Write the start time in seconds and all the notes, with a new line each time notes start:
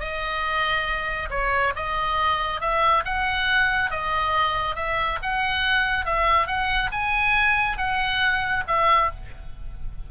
0.00 D#5
1.31 C#5
1.76 D#5
2.61 E5
3.05 F#5
3.91 D#5
4.76 E5
5.23 F#5
6.06 E5
6.47 F#5
6.92 G#5
7.78 F#5
8.68 E5